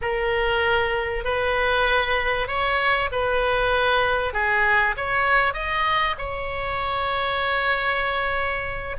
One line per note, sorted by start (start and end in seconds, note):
0.01 1.24 A#4
1.24 2.47 B4
2.47 3.09 C#5
3.11 4.33 B4
4.33 4.95 G#4
4.97 5.53 C#5
5.53 6.15 D#5
6.17 8.96 C#5